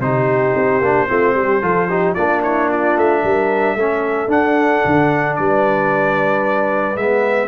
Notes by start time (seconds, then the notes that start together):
0.00 C3 D#4 G4 C5
0.55 C4
0.81 A#3 D4
1.08 A3 C4 F4
1.35 G3 G4
1.62 F3 F4 A4
1.89 D#4 G4
2.15 A#3 D4 F4 D5
2.43 E4 C#5
2.69 F4 D5
2.97 A3 E5
3.23 G3 A#4
3.75 A3 C#4 A4
4.28 D4 F#5
4.85 D3
5.36 G3 B4 D5
6.96 G#3 B3 E5